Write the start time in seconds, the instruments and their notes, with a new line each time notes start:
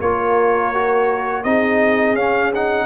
0.00 tuba A#3, trombone F4, horn A#4, trumpet C#5
0.74 trombone F#4
1.44 tuba C4, trombone D#4, horn G#4, trumpet D#5
2.14 tuba C#4, trombone C#4, trumpet F5
2.55 trombone D#4, trumpet F#5